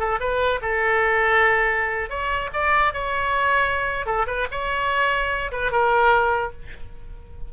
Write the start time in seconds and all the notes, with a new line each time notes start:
0.00 A4
0.21 B4
0.62 A4
2.10 C#5
2.54 D5
2.94 C#5
4.06 A4
4.27 B4
4.52 C#5
5.52 B4
5.72 A#4